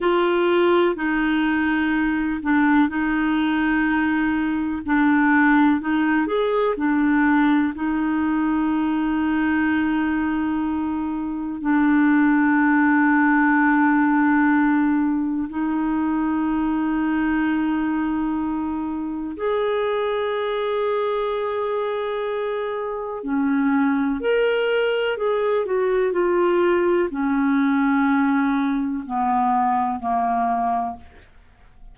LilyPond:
\new Staff \with { instrumentName = "clarinet" } { \time 4/4 \tempo 4 = 62 f'4 dis'4. d'8 dis'4~ | dis'4 d'4 dis'8 gis'8 d'4 | dis'1 | d'1 |
dis'1 | gis'1 | cis'4 ais'4 gis'8 fis'8 f'4 | cis'2 b4 ais4 | }